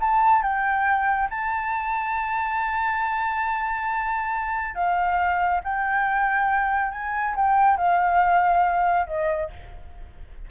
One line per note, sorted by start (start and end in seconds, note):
0.00 0.42 A5
0.42 1.28 G5
1.30 4.74 A5
4.74 5.61 F5
5.63 6.91 G5
6.91 7.34 G#5
7.35 7.77 G5
7.77 9.06 F5
9.06 9.49 D#5